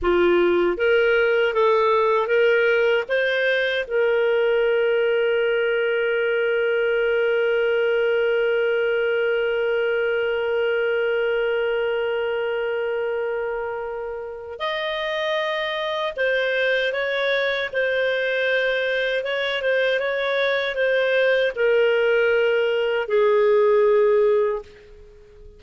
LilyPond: \new Staff \with { instrumentName = "clarinet" } { \time 4/4 \tempo 4 = 78 f'4 ais'4 a'4 ais'4 | c''4 ais'2.~ | ais'1~ | ais'1~ |
ais'2. dis''4~ | dis''4 c''4 cis''4 c''4~ | c''4 cis''8 c''8 cis''4 c''4 | ais'2 gis'2 | }